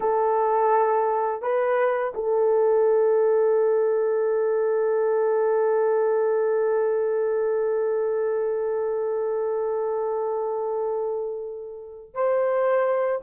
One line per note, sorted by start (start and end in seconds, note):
0.00 1.42 A4
1.42 2.13 B4
2.14 12.14 A4
12.14 13.21 C5